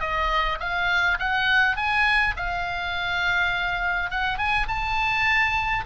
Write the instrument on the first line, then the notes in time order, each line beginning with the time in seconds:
oboe
0.00 D#5
0.60 F5
1.19 F#5
1.77 G#5
2.37 F5
4.10 F#5
4.38 G#5
4.68 A5